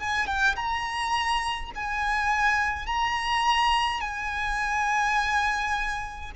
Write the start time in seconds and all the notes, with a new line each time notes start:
0.00 G#5
0.27 G5
0.56 A#5
1.75 G#5
2.87 A#5
4.01 G#5